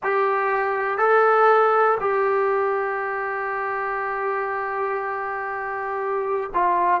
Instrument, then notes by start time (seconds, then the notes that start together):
trombone
0.03 G4
0.97 A4
2.00 G4
6.54 F4